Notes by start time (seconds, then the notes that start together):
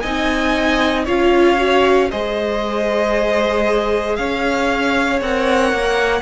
0.00 C4 D#4 D#5 G#5
1.04 C#4 F4 C#5 F5
1.57 F#4
2.11 G#3 G#4 C5 D#5
4.16 C#4 C#5 F5
5.21 C4 A#4 F#5
5.73 A#3